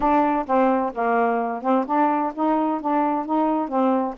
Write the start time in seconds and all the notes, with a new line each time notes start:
0.00 D4
0.46 C4
0.94 A#3
1.62 C4
1.86 D4
2.35 D#4
2.80 D4
3.25 D#4
3.68 C4